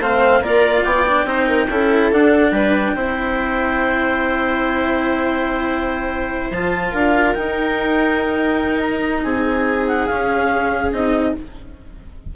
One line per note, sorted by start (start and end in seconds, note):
0.00 0.42 A3
0.00 0.44 C4
0.00 0.42 C5
0.00 0.44 F5
0.42 0.84 A#3
0.42 1.07 F4
0.42 0.84 A#4
0.42 0.84 D5
0.84 1.25 B3
0.84 1.27 D5
0.84 2.10 G5
1.08 1.26 D4
1.25 1.67 C4
1.25 1.68 D#4
1.25 1.48 C5
1.48 1.69 A#4
1.70 2.12 C#4
1.70 2.12 E4
1.70 2.52 A4
2.12 2.96 D4
2.12 2.52 D4
2.12 2.52 F#5
2.52 2.94 G3
2.52 2.94 B4
2.52 6.50 G5
2.94 6.51 C4
2.94 6.53 E4
2.94 6.92 C5
6.51 6.93 F3
6.51 7.35 F4
6.51 6.94 A5
6.92 7.35 D4
6.92 9.22 A#4
6.92 7.34 F5
7.34 10.08 D#4
7.34 9.24 D#4
7.34 8.80 G5
8.80 9.22 A#5
9.23 10.08 C4
9.23 11.33 G#4
9.23 9.88 G#5
9.88 10.07 F#5
10.07 10.93 C#4
10.07 10.92 C#4
10.07 10.91 F5
10.92 11.34 C4
10.92 11.35 D#4
10.92 11.36 D#5